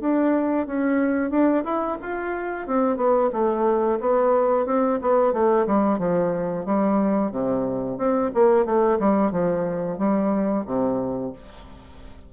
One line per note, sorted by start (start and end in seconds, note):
0.00 0.66 D4
0.66 1.30 C#4
1.30 1.64 D4
1.64 1.97 E4
2.02 2.67 F4
2.67 2.96 C4
2.96 3.30 B3
3.32 3.99 A3
4.00 4.66 B3
4.66 4.99 C4
5.01 5.33 B3
5.33 5.66 A3
5.66 5.98 G3
5.98 6.65 F3
6.65 7.31 G3
7.31 7.97 C3
7.97 8.31 C4
8.34 8.65 A#3
8.65 8.98 A3
8.99 9.31 G3
9.31 9.98 F3
9.98 10.64 G3
10.66 11.32 C3